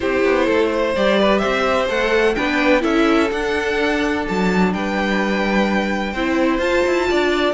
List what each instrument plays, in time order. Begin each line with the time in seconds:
0.00 cello C4, viola E4, violin G4 C5
0.24 cello B3
0.45 cello A3, violin A4
0.72 violin C5
0.95 cello G3, viola G4, violin D5
1.19 violin B4
1.38 cello C4, violin C5 E5
1.88 cello A3, viola A4, violin F#5
2.35 cello B3, viola D4, violin B4 G5
2.80 cello C#4, viola E4, violin A4 E5
3.30 viola D4, cello D4, violin F#5
4.27 cello F#3, violin A5
4.73 cello G3, violin B4 G5
6.13 cello C4, viola E4, violin C5
6.58 cello F4, viola F4, violin A5
6.86 cello E4
7.10 cello D4, violin D5